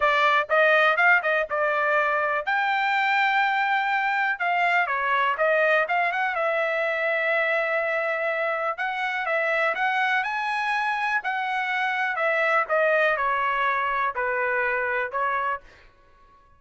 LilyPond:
\new Staff \with { instrumentName = "trumpet" } { \time 4/4 \tempo 4 = 123 d''4 dis''4 f''8 dis''8 d''4~ | d''4 g''2.~ | g''4 f''4 cis''4 dis''4 | f''8 fis''8 e''2.~ |
e''2 fis''4 e''4 | fis''4 gis''2 fis''4~ | fis''4 e''4 dis''4 cis''4~ | cis''4 b'2 cis''4 | }